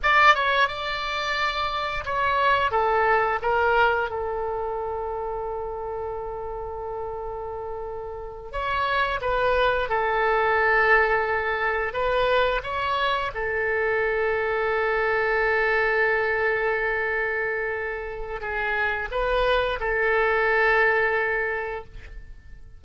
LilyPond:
\new Staff \with { instrumentName = "oboe" } { \time 4/4 \tempo 4 = 88 d''8 cis''8 d''2 cis''4 | a'4 ais'4 a'2~ | a'1~ | a'8 cis''4 b'4 a'4.~ |
a'4. b'4 cis''4 a'8~ | a'1~ | a'2. gis'4 | b'4 a'2. | }